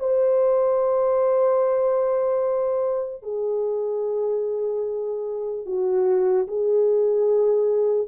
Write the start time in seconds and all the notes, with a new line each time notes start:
0.00 C5
3.23 G#4
5.66 F#4
6.48 G#4